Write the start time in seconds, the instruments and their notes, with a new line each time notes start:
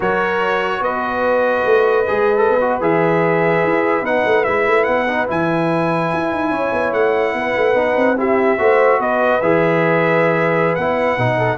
0.00 tuba F#3, trombone F#4, horn A#4, trumpet C#5
0.80 tuba B3, horn B4, trumpet D#5
1.65 tuba A3
2.07 tuba G#3, trombone G#4
2.37 trombone A4
2.49 tuba B3
2.60 trombone F#4
2.80 tuba E3, trombone G#4, trumpet E5
3.63 tuba E4
4.01 tuba B3, trombone D#4, trumpet F#5
4.25 tuba A3
4.44 tuba G#3, trombone E4, trumpet E5
4.66 tuba A3
4.84 tuba B3, trumpet F#5
5.08 trombone D#4
5.26 tuba E3, trombone E4, trumpet G#5
6.13 tuba E4
6.31 tuba D#4
6.50 tuba C#4, horn C#5
6.72 tuba B3
6.92 tuba A3, trumpet F#5
7.33 tuba B3, horn B4
7.56 tuba A3
7.73 tuba B3, trombone D#4
7.96 tuba C4
8.17 trombone E4, horn G4, trumpet E5
8.58 tuba A3, trombone F#4, horn C5
8.99 tuba B3, horn B4, trumpet D#5
9.41 tuba E3, trombone G#4, trumpet E5
10.75 tuba B3, trombone E4, trumpet F#5
11.17 tuba B2, trombone D#4
11.37 horn A4